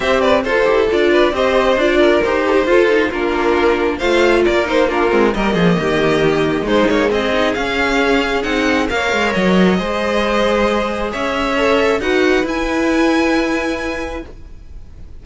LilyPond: <<
  \new Staff \with { instrumentName = "violin" } { \time 4/4 \tempo 4 = 135 e''8 d''8 c''4 d''4 dis''4 | d''4 c''2 ais'4~ | ais'4 f''4 d''8 c''8 ais'4 | dis''2. c''8 cis''8 |
dis''4 f''2 fis''4 | f''4 dis''2.~ | dis''4 e''2 fis''4 | gis''1 | }
  \new Staff \with { instrumentName = "violin" } { \time 4/4 c''8 b'8 a'4. b'8 c''4~ | c''8 ais'4 a'16 g'16 a'4 f'4~ | f'4 c''4 ais'4 f'4 | ais'8 gis'8 g'2 dis'4 |
gis'1 | cis''2 c''2~ | c''4 cis''2 b'4~ | b'1 | }
  \new Staff \with { instrumentName = "viola" } { \time 4/4 g'4 a'8 g'8 f'4 g'4 | f'4 g'4 f'8 dis'8 d'4~ | d'4 f'4. dis'8 d'8 c'8 | ais2. gis4~ |
gis8 dis'8 cis'2 dis'4 | ais'2 gis'2~ | gis'2 a'4 fis'4 | e'1 | }
  \new Staff \with { instrumentName = "cello" } { \time 4/4 c'4 f'8 e'8 d'4 c'4 | d'4 dis'4 f'4 ais4~ | ais4 a4 ais4. gis8 | g8 f8 dis2 gis8 ais8 |
c'4 cis'2 c'4 | ais8 gis8 fis4 gis2~ | gis4 cis'2 dis'4 | e'1 | }
>>